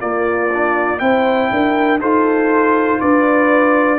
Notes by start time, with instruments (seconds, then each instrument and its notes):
0.00 trombone A#3, tuba A#3, horn F4, trumpet D5
0.54 trombone D4
1.00 tuba C4, trombone E4, horn C5, trumpet G5
1.51 tuba D4, horn A#4
2.00 tuba D#4, trombone F4, horn A4, trumpet C5
3.01 tuba D4, horn B4, trumpet D5